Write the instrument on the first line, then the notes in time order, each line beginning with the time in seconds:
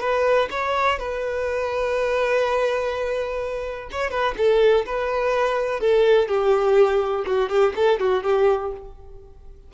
violin
0.00 B4
0.50 C#5
0.99 B4
3.91 C#5
4.10 B4
4.37 A4
4.85 B4
5.80 A4
6.28 G4
7.26 F#4
7.49 G4
7.75 A4
7.99 F#4
8.23 G4